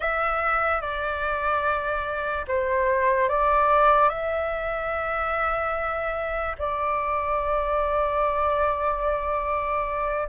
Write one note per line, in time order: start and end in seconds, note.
0.00 0.81 E5
0.81 2.45 D5
2.47 3.28 C5
3.28 4.09 D5
4.09 6.55 E5
6.58 10.28 D5